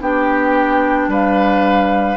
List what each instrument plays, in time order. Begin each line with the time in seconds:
0.00 bassoon B3, clarinet D4, oboe G4, flute G5
1.07 bassoon G3, oboe B4, flute F5